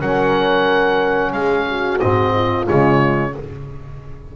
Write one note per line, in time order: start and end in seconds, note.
0.00 1.32 F#3
0.00 2.00 C#4
0.00 1.32 A#4
0.00 1.32 F#5
1.32 1.98 G#3
1.32 1.68 G#4
1.32 1.98 F5
1.68 2.34 F#4
1.99 2.68 G#2
1.99 2.66 C4
1.99 2.65 D#5
2.34 3.33 F4
2.66 3.36 C#3
2.66 3.32 G#3
2.66 3.34 C#5